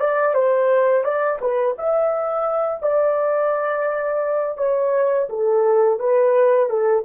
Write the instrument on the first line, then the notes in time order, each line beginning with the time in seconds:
horn
0.00 D5
0.35 C5
1.04 D5
1.41 B4
1.78 E5
2.82 D5
4.58 C#5
5.30 A4
5.99 B4
6.70 A4